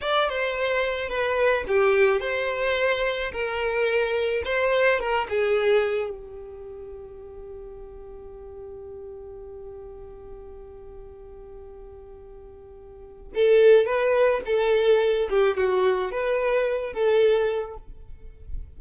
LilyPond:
\new Staff \with { instrumentName = "violin" } { \time 4/4 \tempo 4 = 108 d''8 c''4. b'4 g'4 | c''2 ais'2 | c''4 ais'8 gis'4. g'4~ | g'1~ |
g'1~ | g'1 | a'4 b'4 a'4. g'8 | fis'4 b'4. a'4. | }